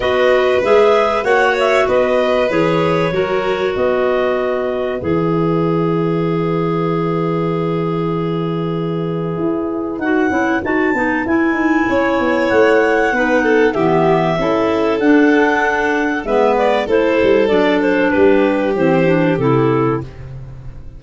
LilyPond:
<<
  \new Staff \with { instrumentName = "clarinet" } { \time 4/4 \tempo 4 = 96 dis''4 e''4 fis''8 e''8 dis''4 | cis''2 dis''2 | e''1~ | e''1 |
fis''4 a''4 gis''2 | fis''2 e''2 | fis''2 e''8 d''8 c''4 | d''8 c''8 b'4 c''4 a'4 | }
  \new Staff \with { instrumentName = "violin" } { \time 4/4 b'2 cis''4 b'4~ | b'4 ais'4 b'2~ | b'1~ | b'1~ |
b'2. cis''4~ | cis''4 b'8 a'8 g'4 a'4~ | a'2 b'4 a'4~ | a'4 g'2. | }
  \new Staff \with { instrumentName = "clarinet" } { \time 4/4 fis'4 gis'4 fis'2 | gis'4 fis'2. | gis'1~ | gis'1 |
fis'8 e'8 fis'8 dis'8 e'2~ | e'4 dis'4 b4 e'4 | d'2 b4 e'4 | d'2 c'8 d'8 e'4 | }
  \new Staff \with { instrumentName = "tuba" } { \time 4/4 b4 gis4 ais4 b4 | e4 fis4 b2 | e1~ | e2. e'4 |
dis'8 cis'8 dis'8 b8 e'8 dis'8 cis'8 b8 | a4 b4 e4 cis'4 | d'2 gis4 a8 g8 | fis4 g4 e4 c4 | }
>>